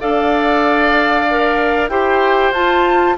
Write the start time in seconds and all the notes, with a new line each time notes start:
0.00 D4 A4 D5 F5
1.30 A#4
1.89 E4 G4 C5 G5
2.52 F4 A5